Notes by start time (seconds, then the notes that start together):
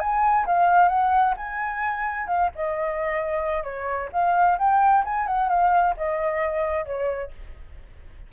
0.00 G#5
0.46 F5
0.89 F#5
1.37 G#5
2.28 F5
2.55 D#5
3.64 C#5
4.13 F5
4.59 G5
5.05 G#5
5.27 F#5
5.49 F5
5.97 D#5
6.85 C#5